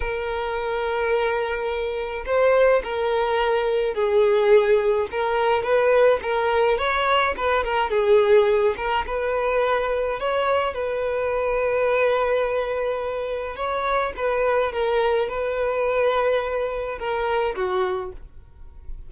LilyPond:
\new Staff \with { instrumentName = "violin" } { \time 4/4 \tempo 4 = 106 ais'1 | c''4 ais'2 gis'4~ | gis'4 ais'4 b'4 ais'4 | cis''4 b'8 ais'8 gis'4. ais'8 |
b'2 cis''4 b'4~ | b'1 | cis''4 b'4 ais'4 b'4~ | b'2 ais'4 fis'4 | }